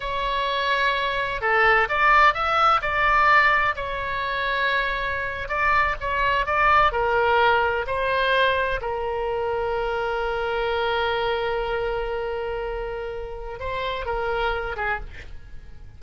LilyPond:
\new Staff \with { instrumentName = "oboe" } { \time 4/4 \tempo 4 = 128 cis''2. a'4 | d''4 e''4 d''2 | cis''2.~ cis''8. d''16~ | d''8. cis''4 d''4 ais'4~ ais'16~ |
ais'8. c''2 ais'4~ ais'16~ | ais'1~ | ais'1~ | ais'4 c''4 ais'4. gis'8 | }